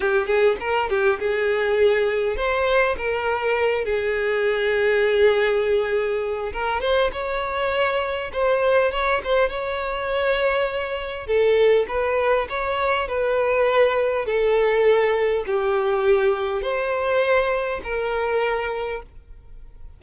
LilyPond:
\new Staff \with { instrumentName = "violin" } { \time 4/4 \tempo 4 = 101 g'8 gis'8 ais'8 g'8 gis'2 | c''4 ais'4. gis'4.~ | gis'2. ais'8 c''8 | cis''2 c''4 cis''8 c''8 |
cis''2. a'4 | b'4 cis''4 b'2 | a'2 g'2 | c''2 ais'2 | }